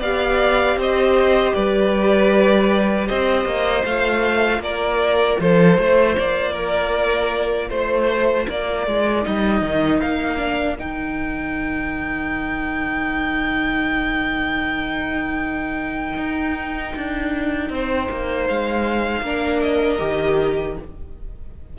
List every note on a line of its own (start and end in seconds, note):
0.00 0.77 B3
0.00 3.87 G4
0.00 0.77 D5
0.00 0.79 F5
0.77 1.54 C4
0.77 1.55 C5
0.77 1.54 D#5
1.54 3.09 G3
1.54 3.08 B4
1.54 3.08 D5
3.08 3.45 C4
3.08 4.62 C5
3.08 3.85 D#5
3.45 3.84 A#3
3.85 4.59 A3
3.85 9.23 F4
3.85 4.62 F5
4.59 5.36 A#3
4.59 5.41 A#4
4.59 5.40 D5
5.40 5.78 F3
5.40 5.80 A4
5.40 6.16 C5
5.78 6.17 A3
5.78 6.52 C5
6.16 7.70 A#3
6.16 7.70 D5
6.52 7.67 A#4
7.70 8.47 A3
7.70 8.47 C5
7.70 8.48 C5
8.48 8.87 A#3
8.48 17.71 A#4
8.48 9.25 D5
8.87 9.26 G#3
9.23 9.62 G3
9.23 10.38 D#4
9.23 10.00 D#5
9.62 10.00 D#3
10.00 10.79 A#3
10.00 10.77 F5
10.38 10.76 D4
10.79 16.17 D#3
10.79 19.25 D#4
10.79 18.47 G5
16.17 16.94 D#4
16.96 17.70 D4
17.70 18.08 C4
17.70 19.25 C5
18.11 18.49 A#3
18.47 19.22 G#3
18.47 19.63 F5
19.22 19.99 A#3
19.22 19.99 D4
19.22 20.79 A#4
19.63 20.78 D#5
19.99 20.78 D#3
19.99 20.76 G4